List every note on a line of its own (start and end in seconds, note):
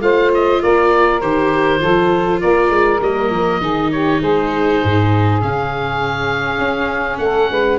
0.00 0.60 A3
0.00 1.21 F4
0.00 0.62 C5
0.00 0.31 F5
0.34 0.62 D#5
0.62 1.22 A#3
0.62 1.80 A#4
0.62 1.20 D5
1.20 1.82 D#3
1.20 1.78 G4
1.20 2.40 C5
1.78 2.43 F3
1.78 2.98 F4
1.78 2.40 A4
2.40 2.69 A#3
2.40 3.60 A#4
2.40 3.00 D5
2.69 2.99 G#3
3.01 3.30 G3
3.01 3.62 A#3
3.01 3.91 D#5
3.30 3.60 F3
3.60 4.20 D#3
3.60 5.41 D#4
3.60 3.90 G#4
3.91 4.20 G4
3.91 4.21 C#5
4.20 4.82 G#3
4.20 7.20 G#4
4.20 5.42 C5
4.83 5.43 G#2
5.41 6.58 C#3
5.41 7.79 C#4
5.41 7.17 F5
6.58 7.18 C#4
7.17 7.49 A3
7.17 7.50 A4
7.17 7.78 F#5
7.50 7.79 G#3
7.50 7.79 B4